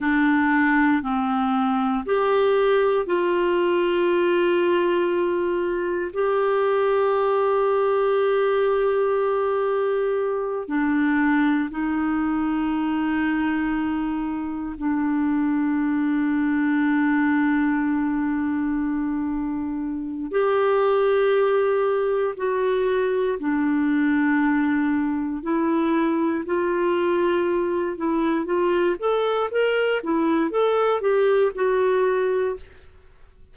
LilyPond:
\new Staff \with { instrumentName = "clarinet" } { \time 4/4 \tempo 4 = 59 d'4 c'4 g'4 f'4~ | f'2 g'2~ | g'2~ g'8 d'4 dis'8~ | dis'2~ dis'8 d'4.~ |
d'1 | g'2 fis'4 d'4~ | d'4 e'4 f'4. e'8 | f'8 a'8 ais'8 e'8 a'8 g'8 fis'4 | }